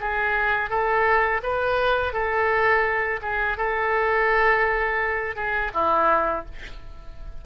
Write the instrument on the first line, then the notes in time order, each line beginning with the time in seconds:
oboe
0.00 G#4
0.69 A4
1.43 B4
2.13 A4
3.21 G#4
3.57 A4
5.36 G#4
5.74 E4